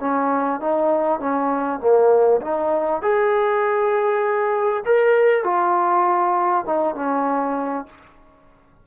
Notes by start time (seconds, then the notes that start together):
0.00 C#4
0.60 D#4
1.20 C#4
1.80 A#3
2.41 D#4
3.02 G#4
4.85 A#4
5.44 F4
6.65 D#4
6.95 C#4